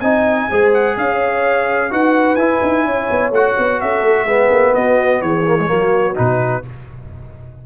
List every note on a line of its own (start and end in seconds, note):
0.00 0.48 C4
0.00 0.50 D#4
0.00 0.48 D#5
0.00 0.71 G#5
0.49 0.97 G#3
0.49 1.90 G#4
0.49 0.96 C5
0.73 0.97 F#5
0.97 1.91 C#4
0.97 1.91 C#5
0.97 1.92 F5
1.90 2.36 D#4
1.90 2.37 F#4
1.90 2.86 B4
1.90 2.35 F#5
2.35 2.60 E4
2.35 3.33 E4
2.35 3.30 G#5
2.62 2.85 D#4
2.85 3.08 C#4
2.85 3.81 C#5
3.10 3.31 B3
3.31 3.54 A3
3.31 4.28 F#4
3.31 3.81 F#5
3.58 3.81 B3
3.81 4.00 C#4
3.81 4.25 A4
3.81 4.75 E5
4.00 4.24 A3
4.24 4.48 G#3
4.24 5.46 B3
4.24 4.72 G#4
4.51 4.75 A#3
4.75 5.22 B3
4.75 5.22 F#4
4.75 5.21 D#5
5.21 5.69 E3
5.21 5.69 G#4
5.21 6.16 C#5
5.46 5.58 A#3
5.59 5.67 G#3
5.67 6.17 F#3
5.67 6.14 A#3
5.67 6.64 F#4
6.15 6.66 B2
6.15 6.62 D#4
6.15 6.64 B4